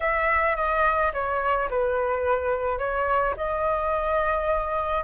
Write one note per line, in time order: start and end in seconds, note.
0.00 0.56 E5
0.56 1.12 D#5
1.13 1.69 C#5
1.69 2.78 B4
2.78 3.34 C#5
3.36 5.04 D#5